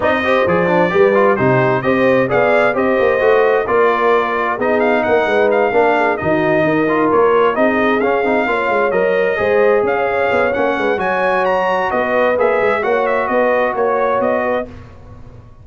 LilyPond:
<<
  \new Staff \with { instrumentName = "trumpet" } { \time 4/4 \tempo 4 = 131 dis''4 d''2 c''4 | dis''4 f''4 dis''2 | d''2 dis''8 f''8 fis''4 | f''4. dis''2 cis''8~ |
cis''8 dis''4 f''2 dis''8~ | dis''4. f''4. fis''4 | gis''4 ais''4 dis''4 e''4 | fis''8 e''8 dis''4 cis''4 dis''4 | }
  \new Staff \with { instrumentName = "horn" } { \time 4/4 d''8 c''4. b'4 g'4 | c''4 d''4 c''2 | ais'2 gis'4 ais'8 b'8~ | b'8 ais'8 gis'8 fis'4 ais'4.~ |
ais'8 gis'2 cis''4.~ | cis''8 c''4 cis''2 b'8 | cis''2 b'2 | cis''4 b'4 cis''4. b'8 | }
  \new Staff \with { instrumentName = "trombone" } { \time 4/4 dis'8 g'8 gis'8 d'8 g'8 f'8 dis'4 | g'4 gis'4 g'4 fis'4 | f'2 dis'2~ | dis'8 d'4 dis'4. f'4~ |
f'8 dis'4 cis'8 dis'8 f'4 ais'8~ | ais'8 gis'2~ gis'8 cis'4 | fis'2. gis'4 | fis'1 | }
  \new Staff \with { instrumentName = "tuba" } { \time 4/4 c'4 f4 g4 c4 | c'4 b4 c'8 ais8 a4 | ais2 b4 ais8 gis8~ | gis8 ais4 dis4 dis'4 ais8~ |
ais8 c'4 cis'8 c'8 ais8 gis8 fis8~ | fis8 gis4 cis'4 b8 ais8 gis8 | fis2 b4 ais8 gis8 | ais4 b4 ais4 b4 | }
>>